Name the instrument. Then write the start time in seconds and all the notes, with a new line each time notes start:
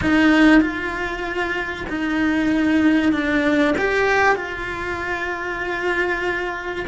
cello
0.01 D#4
0.61 F4
1.89 D#4
3.12 D4
3.78 G4
4.35 F4